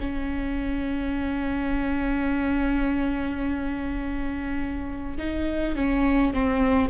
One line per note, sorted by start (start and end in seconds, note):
0.00 5.18 C#4
5.18 5.75 D#4
5.76 6.34 C#4
6.34 6.90 C4